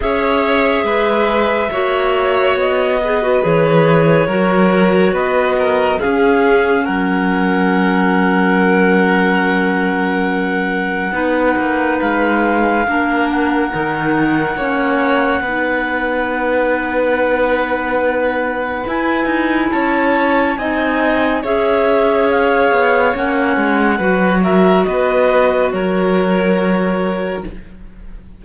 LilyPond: <<
  \new Staff \with { instrumentName = "clarinet" } { \time 4/4 \tempo 4 = 70 e''2. dis''4 | cis''2 dis''4 f''4 | fis''1~ | fis''2 f''4. fis''8~ |
fis''1~ | fis''2 gis''4 a''4 | gis''4 e''4 f''4 fis''4~ | fis''8 e''8 dis''4 cis''2 | }
  \new Staff \with { instrumentName = "violin" } { \time 4/4 cis''4 b'4 cis''4. b'8~ | b'4 ais'4 b'8 ais'8 gis'4 | ais'1~ | ais'4 b'2 ais'4~ |
ais'4 cis''4 b'2~ | b'2. cis''4 | dis''4 cis''2. | b'8 ais'8 b'4 ais'2 | }
  \new Staff \with { instrumentName = "clarinet" } { \time 4/4 gis'2 fis'4. gis'16 fis'16 | gis'4 fis'2 cis'4~ | cis'1~ | cis'4 dis'2 d'4 |
dis'4 cis'4 dis'2~ | dis'2 e'2 | dis'4 gis'2 cis'4 | fis'1 | }
  \new Staff \with { instrumentName = "cello" } { \time 4/4 cis'4 gis4 ais4 b4 | e4 fis4 b4 cis'4 | fis1~ | fis4 b8 ais8 gis4 ais4 |
dis4 ais4 b2~ | b2 e'8 dis'8 cis'4 | c'4 cis'4. b8 ais8 gis8 | fis4 b4 fis2 | }
>>